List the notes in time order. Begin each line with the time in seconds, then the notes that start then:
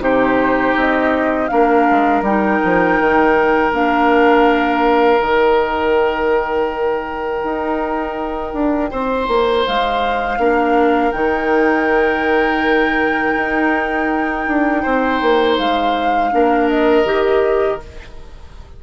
0.00 C3 D#4 G4 C5
0.75 C4 D#5
1.48 A#3 D4 A#4 F5
1.91 G#3
2.22 G3 D#4 G5
2.64 F3
3.00 D#3
3.72 A#3 D4 F5
5.20 D#3 D#4 G5
7.44 D#4
8.54 D4
8.91 C4 C5
9.28 A#3
9.67 G#3 F5
10.38 A#3 D4 A#4
11.12 D#3 D#4 G5
13.36 D#4
14.47 D4
14.82 C4 C5
15.22 A#3
15.58 G#3 F5
16.32 A#3 D4 A#4
16.69 D#5
17.05 D#3 G4